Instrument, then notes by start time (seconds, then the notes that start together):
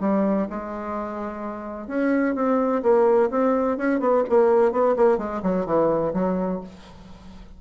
bassoon
0.00 G3
0.50 G#3
1.87 C#4
2.35 C4
2.83 A#3
3.30 C4
3.77 C#4
4.00 B3
4.29 A#3
4.72 B3
4.96 A#3
5.18 G#3
5.42 F#3
5.66 E3
6.13 F#3